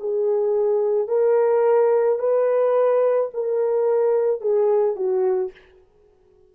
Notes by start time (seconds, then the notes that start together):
0.00 G#4
1.08 A#4
2.19 B4
3.34 A#4
4.41 G#4
4.96 F#4